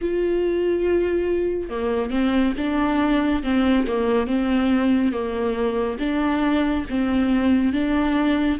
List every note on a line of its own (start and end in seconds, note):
0.01 1.69 F4
1.69 2.10 A#3
2.10 2.53 C4
2.57 3.42 D4
3.43 3.86 C4
3.87 4.26 A#3
4.26 5.12 C4
5.12 5.98 A#3
5.99 6.85 D4
6.89 7.73 C4
7.73 8.58 D4